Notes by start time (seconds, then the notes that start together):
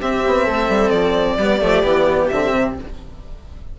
0.00 C4 G4 E5
0.27 B3
0.44 A3 A4
0.69 G3
0.90 F3 D5
1.38 G3 B3 G4
1.61 F3 A3
1.84 E3 B3
2.29 D3 C4 E5
2.51 C3